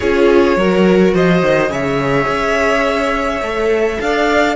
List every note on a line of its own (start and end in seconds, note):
0.00 0.56 C#4
0.00 0.58 F4
0.00 0.56 G#4
0.00 1.12 C#5
0.56 1.13 F#3
0.56 1.69 F#4
0.56 1.14 A#4
1.14 1.42 F3
1.14 1.71 C5
1.14 1.72 D#5
1.42 1.69 D#3
1.69 2.26 C#3
1.69 3.41 G#4
1.69 3.99 C#5
1.69 4.00 E5
2.27 3.41 C#4
3.41 3.98 A3
3.41 4.55 A4
4.00 4.55 D4
4.00 4.55 D5
4.00 4.55 F5